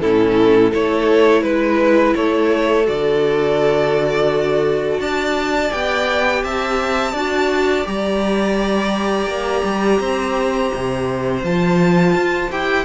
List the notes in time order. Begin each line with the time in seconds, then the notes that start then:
0.00 A2 C#4 E4 A4
0.70 A3 E4 A4 C#5
1.42 G#3 B4
2.15 A3 A4 C#5
2.83 D3 F#4 D5
4.99 D4 D5 A5
5.70 B3 G4 G5
6.43 C4 E5 A5
7.12 D4 F#4 D5
7.84 G3 G4 A#5
9.26 A#3
9.63 G3
10.00 C4 C5
10.74 C3
11.43 F3 F4 A5
12.14 F4
12.51 E4 G4 G5